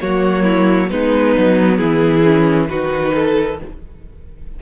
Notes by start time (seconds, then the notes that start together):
0.00 F#3 A#3 F#4 C#5
0.43 E4
0.90 G#3 B3 D#4 B4
1.37 F#3
1.77 E3 E4 G#4
2.23 C#4
2.69 D#3 D#4 F#4 B4
3.14 A4